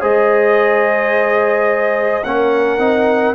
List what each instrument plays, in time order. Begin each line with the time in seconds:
0.00 tuba G#3, trombone G#4, horn C5, trumpet D#5
2.23 tuba A#3, trombone C#4, horn A#4, trumpet F#5
2.78 tuba C4, trombone D#4